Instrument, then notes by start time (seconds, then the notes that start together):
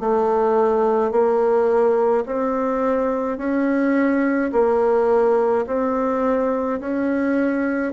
bassoon
0.00 A3
1.11 A#3
2.26 C4
3.38 C#4
4.52 A#3
5.67 C4
6.80 C#4